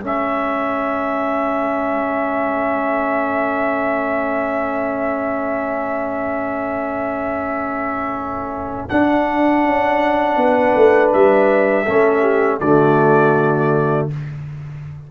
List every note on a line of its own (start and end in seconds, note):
0.00 8.90 A3
0.00 8.89 C#4
0.00 10.37 A4
0.00 8.89 E5
8.89 11.85 D4
8.89 9.64 D4
8.89 11.11 F#5
9.64 10.36 C#4
10.36 10.73 B3
10.36 11.84 B4
10.75 11.12 A3
11.12 11.88 G3
11.12 12.60 E5
11.84 12.61 A3
11.84 12.60 C#4
11.84 12.21 A4
12.21 12.58 G4
12.60 14.09 D3
12.60 14.10 A3
12.60 14.11 F#4
12.60 14.08 D5